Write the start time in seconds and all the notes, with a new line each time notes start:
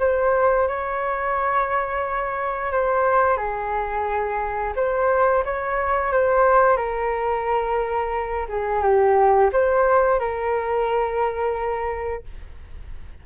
0.00 C5
0.68 C#5
2.72 C5
3.37 G#4
4.76 C5
5.45 C#5
6.12 C5
6.77 A#4
8.49 G#4
8.83 G4
9.53 C5
10.20 A#4